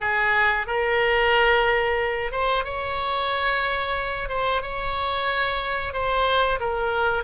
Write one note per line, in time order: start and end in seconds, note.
0.01 0.67 G#4
0.67 2.31 A#4
2.31 2.64 C5
2.64 4.29 C#5
4.29 4.62 C5
4.62 5.93 C#5
5.93 6.59 C5
6.60 7.23 A#4